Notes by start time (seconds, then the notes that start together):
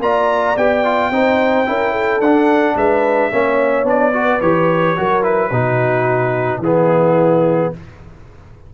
0.00 A#3 F4 D5 A#5
0.57 B3 G4 G5
0.85 F4
1.11 C4 D#4 C5
1.66 C#4 E4 A#4
1.92 A4
2.20 D4 F#5
2.76 G#3 B4 E5
3.32 A#3 C#4 C#5
3.84 B3 D4 D5
4.13 F#4 B4
4.41 E3 G4 C#5
4.97 F#3 F#4 A#4
5.23 E4 B4
5.50 B2 D#4 F#4
6.60 E3 B3 E4 G#4